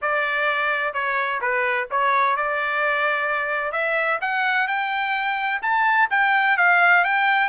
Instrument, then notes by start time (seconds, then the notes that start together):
trumpet
0.01 D5
0.93 C#5
1.41 B4
1.90 C#5
2.36 D5
3.72 E5
4.21 F#5
4.67 G5
5.62 A5
6.10 G5
6.57 F5
7.04 G5